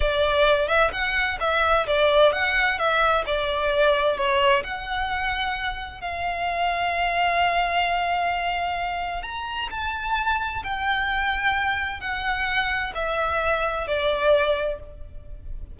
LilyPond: \new Staff \with { instrumentName = "violin" } { \time 4/4 \tempo 4 = 130 d''4. e''8 fis''4 e''4 | d''4 fis''4 e''4 d''4~ | d''4 cis''4 fis''2~ | fis''4 f''2.~ |
f''1 | ais''4 a''2 g''4~ | g''2 fis''2 | e''2 d''2 | }